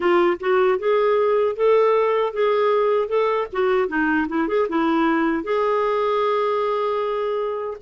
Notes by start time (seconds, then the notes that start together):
0.00 F4
0.39 F#4
0.79 G#4
1.56 A4
2.33 G#4
3.08 A4
3.52 F#4
3.88 D#4
4.28 E4
4.48 G#4
4.68 E4
5.43 G#4